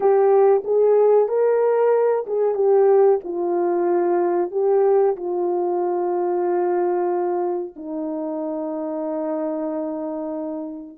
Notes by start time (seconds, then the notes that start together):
0.00 G4
0.64 G#4
1.28 A#4
2.26 G#4
2.54 G4
3.24 F4
4.51 G4
5.16 F4
7.75 D#4